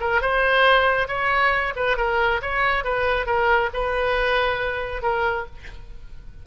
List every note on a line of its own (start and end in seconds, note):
0.00 0.21 A#4
0.21 1.08 C5
1.08 1.73 C#5
1.76 1.97 B4
1.97 2.41 A#4
2.42 2.84 C#5
2.84 3.26 B4
3.26 3.70 A#4
3.73 5.02 B4
5.02 5.46 A#4